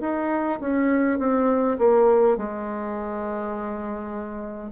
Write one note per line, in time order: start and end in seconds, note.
0.00 0.59 D#4
0.60 1.19 C#4
1.19 1.78 C4
1.78 2.37 A#3
2.37 4.71 G#3